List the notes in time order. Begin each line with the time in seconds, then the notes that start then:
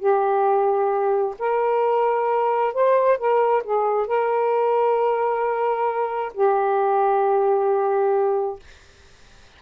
0.00 G4
1.39 A#4
2.74 C5
3.18 A#4
3.64 G#4
4.07 A#4
6.34 G4